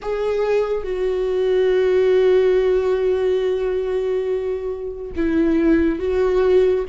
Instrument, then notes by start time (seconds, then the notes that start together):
viola
0.02 G#4
0.83 F#4
5.16 E4
5.99 F#4